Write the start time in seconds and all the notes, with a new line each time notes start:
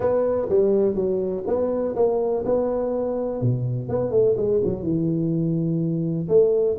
0.00 B3
0.49 G3
0.95 F#3
1.46 B3
1.95 A#3
2.45 B3
3.41 B2
3.88 B3
4.11 A3
4.37 G#3
4.64 F#3
4.82 E3
6.28 A3